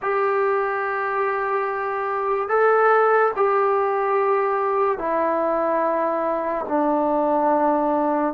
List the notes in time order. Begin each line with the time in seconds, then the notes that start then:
0.02 G4
2.48 A4
3.36 G4
4.98 E4
6.68 D4